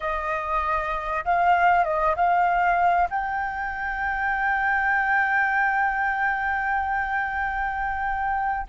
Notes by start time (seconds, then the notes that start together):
0.00 D#5
1.24 F5
1.84 D#5
2.16 F5
3.10 G5